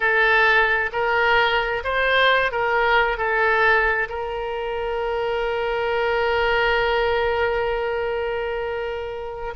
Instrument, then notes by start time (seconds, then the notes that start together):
oboe
0.00 A4
0.92 A#4
1.84 C5
2.51 A#4
3.17 A4
4.08 A#4